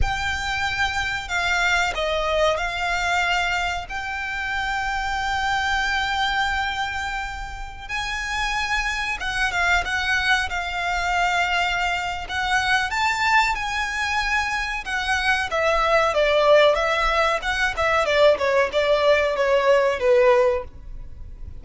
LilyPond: \new Staff \with { instrumentName = "violin" } { \time 4/4 \tempo 4 = 93 g''2 f''4 dis''4 | f''2 g''2~ | g''1~ | g''16 gis''2 fis''8 f''8 fis''8.~ |
fis''16 f''2~ f''8. fis''4 | a''4 gis''2 fis''4 | e''4 d''4 e''4 fis''8 e''8 | d''8 cis''8 d''4 cis''4 b'4 | }